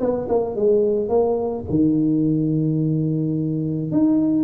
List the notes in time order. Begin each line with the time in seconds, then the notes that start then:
0.00 B3
0.29 A#3
0.56 G#3
1.09 A#3
1.70 D#3
3.92 D#4